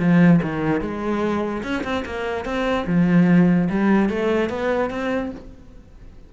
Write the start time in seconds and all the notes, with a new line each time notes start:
0.00 F3
0.42 D#3
0.81 G#3
1.63 C#4
1.84 C4
2.06 A#3
2.45 C4
2.87 F3
3.70 G3
4.10 A3
4.50 B3
4.90 C4